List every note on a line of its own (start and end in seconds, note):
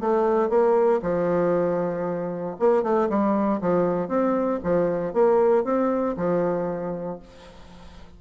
0.00 0.49 A3
0.49 1.01 A#3
1.02 2.56 F3
2.59 2.83 A#3
2.83 3.08 A3
3.09 3.61 G3
3.61 4.08 F3
4.08 4.60 C4
4.63 5.13 F3
5.13 5.64 A#3
5.64 6.16 C4
6.17 7.20 F3